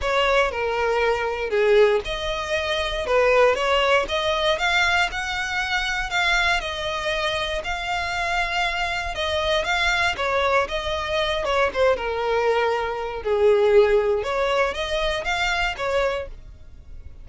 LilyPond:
\new Staff \with { instrumentName = "violin" } { \time 4/4 \tempo 4 = 118 cis''4 ais'2 gis'4 | dis''2 b'4 cis''4 | dis''4 f''4 fis''2 | f''4 dis''2 f''4~ |
f''2 dis''4 f''4 | cis''4 dis''4. cis''8 c''8 ais'8~ | ais'2 gis'2 | cis''4 dis''4 f''4 cis''4 | }